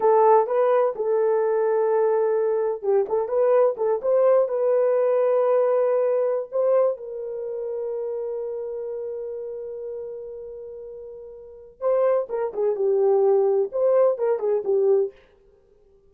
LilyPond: \new Staff \with { instrumentName = "horn" } { \time 4/4 \tempo 4 = 127 a'4 b'4 a'2~ | a'2 g'8 a'8 b'4 | a'8 c''4 b'2~ b'8~ | b'4.~ b'16 c''4 ais'4~ ais'16~ |
ais'1~ | ais'1~ | ais'4 c''4 ais'8 gis'8 g'4~ | g'4 c''4 ais'8 gis'8 g'4 | }